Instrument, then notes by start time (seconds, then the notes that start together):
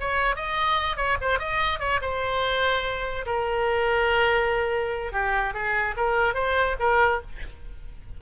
oboe
0.00 C#5
0.36 D#5
0.96 C#5
1.21 C5
1.39 D#5
1.79 C#5
2.01 C5
3.26 A#4
5.12 G4
5.54 G#4
5.96 A#4
6.34 C5
6.79 A#4